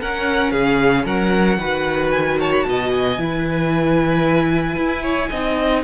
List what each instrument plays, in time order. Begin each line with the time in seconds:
0.00 viola C#4, cello C#4, violin A#4 F#5
0.51 cello C#3, violin G#4 F5
1.04 cello F#3, violin A#4 F#5
1.58 cello D#3, viola F#4, violin B4
2.11 violin G#5
2.39 violin C#5 A5
2.53 violin B5
2.63 cello B2, violin D#5 A5
2.91 violin G#5
3.17 cello E3, viola E4
3.23 violin B4
4.77 cello E4
5.02 violin C#5
5.29 cello C4, viola D#4, violin D#5